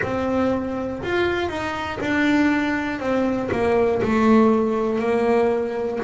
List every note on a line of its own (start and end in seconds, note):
0.02 1.02 C4
1.03 1.49 F4
1.49 1.99 D#4
2.00 3.00 D4
3.00 3.50 C4
3.51 4.01 A#3
4.02 4.99 A3
4.99 5.99 A#3